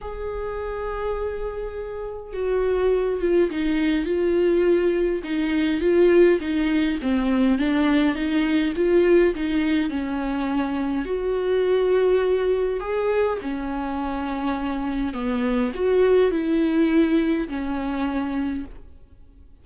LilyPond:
\new Staff \with { instrumentName = "viola" } { \time 4/4 \tempo 4 = 103 gis'1 | fis'4. f'8 dis'4 f'4~ | f'4 dis'4 f'4 dis'4 | c'4 d'4 dis'4 f'4 |
dis'4 cis'2 fis'4~ | fis'2 gis'4 cis'4~ | cis'2 b4 fis'4 | e'2 cis'2 | }